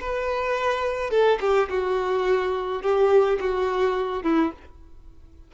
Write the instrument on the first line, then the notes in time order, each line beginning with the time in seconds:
violin
0.00 B4
1.10 A4
1.40 G4
1.69 F#4
2.82 G4
3.39 F#4
4.23 E4